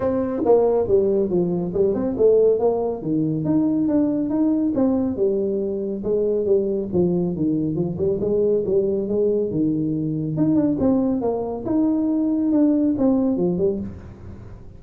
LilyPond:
\new Staff \with { instrumentName = "tuba" } { \time 4/4 \tempo 4 = 139 c'4 ais4 g4 f4 | g8 c'8 a4 ais4 dis4 | dis'4 d'4 dis'4 c'4 | g2 gis4 g4 |
f4 dis4 f8 g8 gis4 | g4 gis4 dis2 | dis'8 d'8 c'4 ais4 dis'4~ | dis'4 d'4 c'4 f8 g8 | }